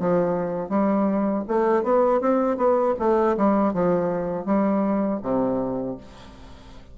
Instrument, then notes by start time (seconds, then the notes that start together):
bassoon
0.00 F3
0.70 G3
1.48 A3
1.83 B3
2.21 C4
2.57 B3
2.99 A3
3.37 G3
3.74 F3
4.46 G3
5.23 C3